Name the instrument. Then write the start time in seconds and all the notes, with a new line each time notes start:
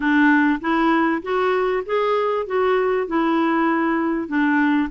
clarinet
0.00 D4
0.60 E4
1.22 F#4
1.85 G#4
2.46 F#4
3.07 E4
4.27 D4